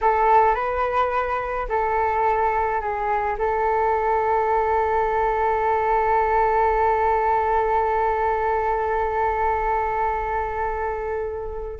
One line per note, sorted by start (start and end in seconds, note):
0.01 0.55 A4
0.55 1.67 B4
1.68 2.80 A4
2.80 3.36 G#4
3.38 11.79 A4